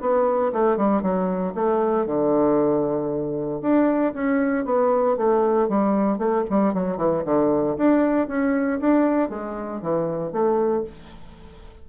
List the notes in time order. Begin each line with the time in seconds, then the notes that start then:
0.00 B3
0.52 A3
0.77 G3
1.02 F#3
1.54 A3
2.06 D3
3.61 D4
4.14 C#4
4.65 B3
5.17 A3
5.68 G3
6.18 A3
6.50 G3
6.73 F#3
6.97 E3
7.25 D3
7.77 D4
8.28 C#4
8.80 D4
9.29 G#3
9.81 E3
10.32 A3